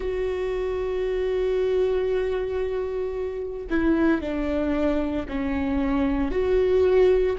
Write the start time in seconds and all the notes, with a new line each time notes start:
0.00 F#4
3.70 E4
4.21 D4
5.28 C#4
6.31 F#4